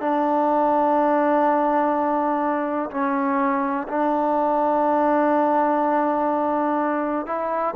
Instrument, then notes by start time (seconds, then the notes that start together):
trombone
0.00 D4
2.91 C#4
3.88 D4
7.26 E4